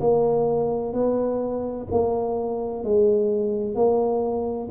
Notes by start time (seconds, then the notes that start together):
0.00 A#3
0.93 B3
1.91 A#3
2.84 G#3
3.75 A#3